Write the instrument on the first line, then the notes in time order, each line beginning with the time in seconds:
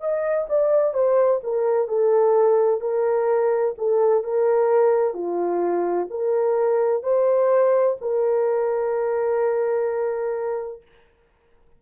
horn
0.00 D#5
0.49 D5
0.94 C5
1.44 A#4
1.88 A4
2.81 A#4
3.78 A4
4.24 A#4
5.14 F4
6.10 A#4
7.03 C5
8.01 A#4